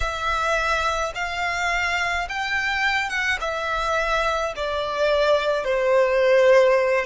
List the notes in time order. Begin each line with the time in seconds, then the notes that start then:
0.00 E5
1.14 F5
2.28 G5
3.09 F#5
3.40 E5
4.55 D5
5.64 C5